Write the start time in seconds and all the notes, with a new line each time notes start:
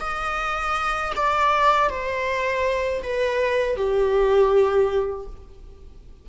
0.00 D#5
1.16 D5
1.90 C5
3.03 B4
3.76 G4